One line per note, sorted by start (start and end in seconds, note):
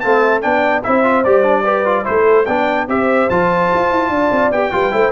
0.00 0.44 A3
0.00 0.42 C4
0.00 0.22 F5
0.00 0.41 A5
0.22 0.42 E5
0.41 0.85 B3
0.41 0.82 D4
0.41 0.84 D5
0.41 0.82 G5
0.83 1.25 C4
0.83 1.04 E4
0.83 1.63 C5
0.83 1.24 E5
1.04 1.24 F4
1.24 2.06 G3
1.24 1.43 G4
1.24 2.05 D5
1.43 1.64 D4
1.63 1.85 G4
1.63 2.04 B4
1.85 2.04 F4
2.04 2.47 A3
2.04 2.45 E4
2.04 2.47 A4
2.04 2.45 C5
2.45 2.87 B3
2.45 2.88 D4
2.45 2.87 D5
2.45 2.86 G5
2.87 3.28 C4
2.87 3.29 G4
2.87 4.12 C5
2.87 3.29 E5
3.29 3.71 F3
3.29 4.53 F4
3.29 4.52 A5
3.73 3.91 F4
3.91 4.09 E4
4.09 4.29 D4
4.09 4.73 D5
4.31 4.50 C4
4.50 4.71 B3
4.50 4.71 G4
4.50 5.12 G5
4.71 4.92 G3
4.71 4.91 F4
4.71 4.93 B4
4.91 5.12 A3
4.91 5.12 E4
4.91 5.12 C5